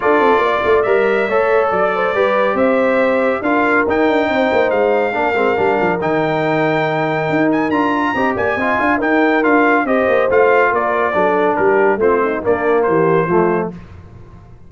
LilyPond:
<<
  \new Staff \with { instrumentName = "trumpet" } { \time 4/4 \tempo 4 = 140 d''2 e''2 | d''2 e''2 | f''4 g''2 f''4~ | f''2 g''2~ |
g''4. gis''8 ais''4. gis''8~ | gis''4 g''4 f''4 dis''4 | f''4 d''2 ais'4 | c''4 d''4 c''2 | }
  \new Staff \with { instrumentName = "horn" } { \time 4/4 a'4 d''2 cis''4 | d''8 c''8 b'4 c''2 | ais'2 c''2 | ais'1~ |
ais'2. dis''8 d''8 | dis''8 f''8 ais'2 c''4~ | c''4 ais'4 a'4 g'4 | f'8 dis'8 d'4 g'4 f'4 | }
  \new Staff \with { instrumentName = "trombone" } { \time 4/4 f'2 ais'4 a'4~ | a'4 g'2. | f'4 dis'2. | d'8 c'8 d'4 dis'2~ |
dis'2 f'4 g'4 | f'4 dis'4 f'4 g'4 | f'2 d'2 | c'4 ais2 a4 | }
  \new Staff \with { instrumentName = "tuba" } { \time 4/4 d'8 c'8 ais8 a8 g4 a4 | fis4 g4 c'2 | d'4 dis'8 d'8 c'8 ais8 gis4 | ais8 gis8 g8 f8 dis2~ |
dis4 dis'4 d'4 c'8 ais8 | c'8 d'8 dis'4 d'4 c'8 ais8 | a4 ais4 fis4 g4 | a4 ais4 e4 f4 | }
>>